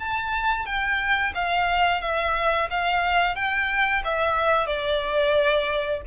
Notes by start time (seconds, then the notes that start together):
0.00 A5
0.66 G5
1.35 F5
2.02 E5
2.71 F5
3.36 G5
4.05 E5
4.67 D5